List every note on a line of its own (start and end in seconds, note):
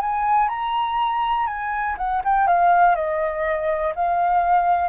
0.00 0.48 G#5
0.48 1.47 A#5
1.47 1.96 G#5
1.98 2.22 F#5
2.24 2.47 G5
2.47 2.95 F5
2.95 3.93 D#5
3.95 4.89 F5